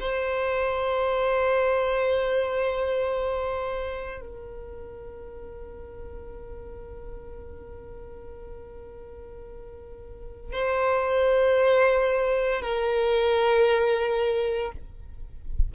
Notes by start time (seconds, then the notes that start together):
0.00 C5
4.21 A#4
10.52 C5
12.61 A#4